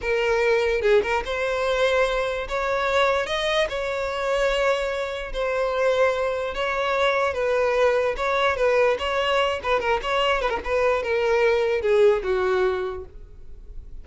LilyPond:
\new Staff \with { instrumentName = "violin" } { \time 4/4 \tempo 4 = 147 ais'2 gis'8 ais'8 c''4~ | c''2 cis''2 | dis''4 cis''2.~ | cis''4 c''2. |
cis''2 b'2 | cis''4 b'4 cis''4. b'8 | ais'8 cis''4 b'16 ais'16 b'4 ais'4~ | ais'4 gis'4 fis'2 | }